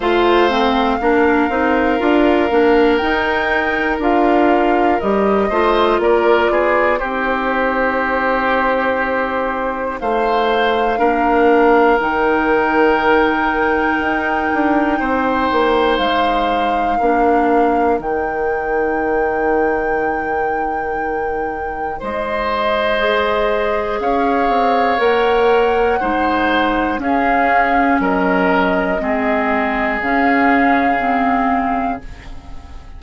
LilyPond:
<<
  \new Staff \with { instrumentName = "flute" } { \time 4/4 \tempo 4 = 60 f''2. g''4 | f''4 dis''4 d''4 c''4~ | c''2 f''2 | g''1 |
f''2 g''2~ | g''2 dis''2 | f''4 fis''2 f''4 | dis''2 f''2 | }
  \new Staff \with { instrumentName = "oboe" } { \time 4/4 c''4 ais'2.~ | ais'4. c''8 ais'8 gis'8 g'4~ | g'2 c''4 ais'4~ | ais'2. c''4~ |
c''4 ais'2.~ | ais'2 c''2 | cis''2 c''4 gis'4 | ais'4 gis'2. | }
  \new Staff \with { instrumentName = "clarinet" } { \time 4/4 f'8 c'8 d'8 dis'8 f'8 d'8 dis'4 | f'4 g'8 f'4. dis'4~ | dis'2. d'4 | dis'1~ |
dis'4 d'4 dis'2~ | dis'2. gis'4~ | gis'4 ais'4 dis'4 cis'4~ | cis'4 c'4 cis'4 c'4 | }
  \new Staff \with { instrumentName = "bassoon" } { \time 4/4 a4 ais8 c'8 d'8 ais8 dis'4 | d'4 g8 a8 ais8 b8 c'4~ | c'2 a4 ais4 | dis2 dis'8 d'8 c'8 ais8 |
gis4 ais4 dis2~ | dis2 gis2 | cis'8 c'8 ais4 gis4 cis'4 | fis4 gis4 cis2 | }
>>